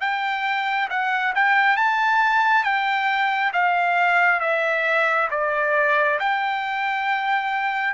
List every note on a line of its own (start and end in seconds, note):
0.00 0.88 G5
0.89 1.34 F#5
1.35 1.76 G5
1.76 2.64 A5
2.64 3.52 G5
3.53 4.40 F5
4.40 5.28 E5
5.31 6.19 D5
6.19 7.93 G5